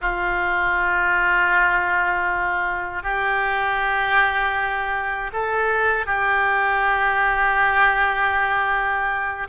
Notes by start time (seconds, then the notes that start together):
0.01 F4
3.02 G4
5.33 A4
6.06 G4